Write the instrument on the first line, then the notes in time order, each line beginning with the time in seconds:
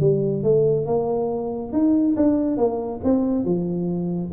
tuba
0.00 G3
0.43 A3
0.86 A#3
1.72 D#4
2.16 D4
2.57 A#3
3.04 C4
3.45 F3